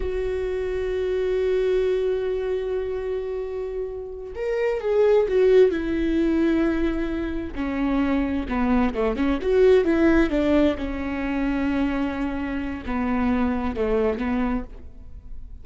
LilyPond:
\new Staff \with { instrumentName = "viola" } { \time 4/4 \tempo 4 = 131 fis'1~ | fis'1~ | fis'4. ais'4 gis'4 fis'8~ | fis'8 e'2.~ e'8~ |
e'8 cis'2 b4 a8 | cis'8 fis'4 e'4 d'4 cis'8~ | cis'1 | b2 a4 b4 | }